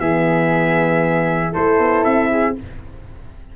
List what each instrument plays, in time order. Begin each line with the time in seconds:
0.00 tuba E3, horn B3, flute G#4, trumpet E5
1.52 tuba A3, horn E4, flute A4, trumpet C5
1.79 tuba B3
2.04 tuba C4, trumpet E5
2.30 flute G#4